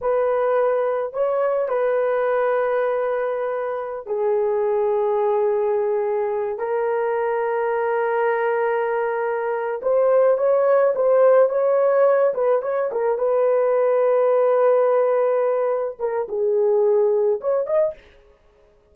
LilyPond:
\new Staff \with { instrumentName = "horn" } { \time 4/4 \tempo 4 = 107 b'2 cis''4 b'4~ | b'2.~ b'16 gis'8.~ | gis'2.~ gis'8. ais'16~ | ais'1~ |
ais'4. c''4 cis''4 c''8~ | c''8 cis''4. b'8 cis''8 ais'8 b'8~ | b'1~ | b'8 ais'8 gis'2 cis''8 dis''8 | }